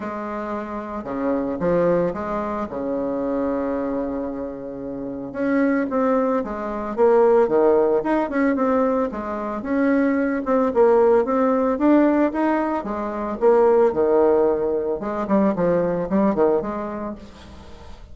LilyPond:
\new Staff \with { instrumentName = "bassoon" } { \time 4/4 \tempo 4 = 112 gis2 cis4 f4 | gis4 cis2.~ | cis2 cis'4 c'4 | gis4 ais4 dis4 dis'8 cis'8 |
c'4 gis4 cis'4. c'8 | ais4 c'4 d'4 dis'4 | gis4 ais4 dis2 | gis8 g8 f4 g8 dis8 gis4 | }